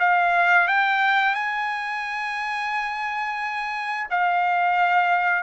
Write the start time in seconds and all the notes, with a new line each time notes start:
0.00 F5
0.68 G5
1.35 G#5
4.11 F5